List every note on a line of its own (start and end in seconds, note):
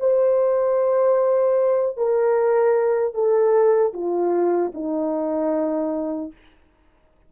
0.00 1.97 C5
1.98 3.14 A#4
3.14 3.93 A4
3.94 4.73 F4
4.75 6.33 D#4